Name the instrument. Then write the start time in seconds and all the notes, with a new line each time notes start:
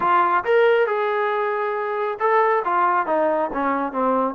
trombone
0.00 F4
0.44 A#4
0.87 G#4
2.19 A4
2.64 F4
3.06 D#4
3.53 C#4
3.92 C4